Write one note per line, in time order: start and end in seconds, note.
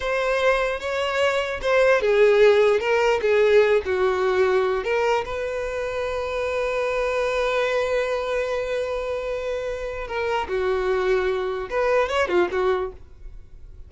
0.00 0.79 C5
0.79 1.60 C#5
1.61 2.01 C5
2.01 2.80 G#4
2.80 3.20 A#4
3.21 3.82 G#4
3.85 4.84 F#4
4.84 5.24 A#4
5.25 10.07 B4
10.07 10.47 A#4
10.48 11.69 F#4
11.70 12.08 B4
12.08 12.28 C#5
12.28 12.48 F4
12.51 12.92 F#4